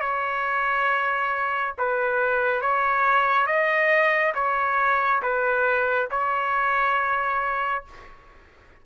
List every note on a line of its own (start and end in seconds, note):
0.00 1.74 C#5
1.78 2.61 B4
2.61 3.46 C#5
3.46 4.33 D#5
4.34 5.21 C#5
5.22 6.09 B4
6.10 7.84 C#5